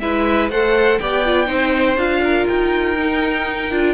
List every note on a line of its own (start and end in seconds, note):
0.00 0.49 G#3
0.00 0.51 E4
0.00 0.51 B4
0.00 0.49 E5
0.49 0.99 A3
0.49 1.01 A4
0.49 1.00 C5
0.49 0.99 F#5
0.99 1.49 B3
0.99 1.25 G4
0.99 1.47 D5
0.99 1.97 G5
1.26 1.46 F4
1.46 1.96 C4
1.46 1.95 D#4
1.46 2.21 C5
1.96 2.46 D4
1.96 2.97 F4
1.96 2.47 F5
2.23 3.94 A#4
2.47 3.71 D#4
2.47 3.94 G5
2.98 3.71 D#4
3.71 3.94 D4
3.71 3.94 F4